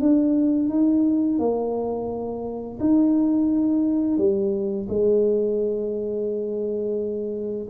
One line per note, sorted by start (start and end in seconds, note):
0.00 0.69 D4
0.69 1.39 D#4
1.39 2.78 A#3
2.80 4.18 D#4
4.18 4.87 G3
4.89 7.68 G#3